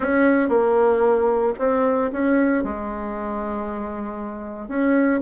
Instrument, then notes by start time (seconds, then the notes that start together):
bassoon
0.00 C#4
0.49 A#3
1.58 C4
2.12 C#4
2.63 G#3
4.68 C#4